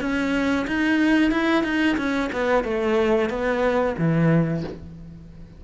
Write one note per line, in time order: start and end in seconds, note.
0.00 0.66 C#4
0.67 1.31 D#4
1.31 1.64 E4
1.64 1.97 D#4
1.97 2.30 C#4
2.32 2.64 B3
2.64 3.29 A3
3.29 3.95 B3
3.98 4.64 E3